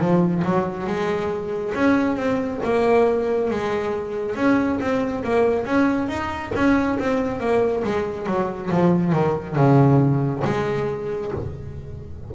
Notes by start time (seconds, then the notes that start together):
0.00 F3
0.45 F#3
0.87 G#3
1.75 C#4
2.17 C4
2.64 A#3
3.51 G#3
4.36 C#4
4.81 C4
5.25 A#3
5.66 C#4
6.09 D#4
6.55 C#4
7.00 C4
7.40 A#3
7.84 G#3
8.27 F#3
8.71 F3
9.13 D#3
9.56 C#3
10.45 G#3